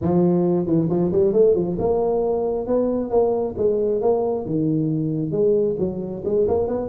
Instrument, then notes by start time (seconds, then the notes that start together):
tuba
0.01 F3
0.66 E3
0.89 F3
1.12 G3
1.32 A3
1.54 F3
1.79 A#3
2.66 B3
3.10 A#3
3.57 G#3
4.01 A#3
4.45 D#3
5.31 G#3
5.79 F#3
6.24 G#3
6.48 A#3
6.67 B3